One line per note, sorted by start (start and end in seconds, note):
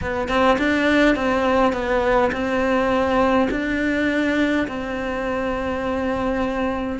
0.01 0.28 B3
0.28 0.57 C4
0.58 1.15 D4
1.15 1.72 C4
1.72 2.31 B3
2.31 3.48 C4
3.50 4.67 D4
4.67 6.99 C4